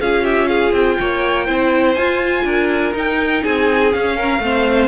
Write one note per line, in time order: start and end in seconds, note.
0.00 0.72 C#4
0.00 1.47 F4
0.00 0.23 G#4
0.00 0.25 F5
0.23 0.48 G4
0.23 0.48 E5
0.48 0.97 G#4
0.48 0.72 F5
0.72 0.97 C4
0.72 1.94 G5
1.00 1.49 A#3
1.00 1.45 C#5
1.45 1.97 C4
1.45 1.96 E4
1.45 2.44 C5
1.94 2.44 F4
1.94 2.94 F4
1.94 2.93 G#5
2.44 2.93 D4
2.44 3.43 A#4
2.94 3.92 D#4
2.94 3.43 D#4
2.94 3.44 G5
3.43 3.95 C4
3.43 4.17 G#4
3.43 3.93 G#5
3.92 4.41 C#4
3.92 4.39 C#4
3.92 4.88 F5
4.17 4.41 A#4
4.39 4.88 A3
4.39 4.88 C4
4.46 4.88 C5